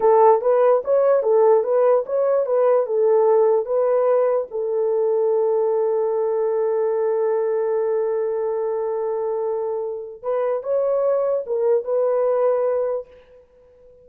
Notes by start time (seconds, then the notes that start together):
0.00 A4
0.41 B4
0.84 C#5
1.22 A4
1.63 B4
2.05 C#5
2.46 B4
2.86 A4
3.65 B4
4.50 A4
10.22 B4
10.63 C#5
11.46 A#4
11.84 B4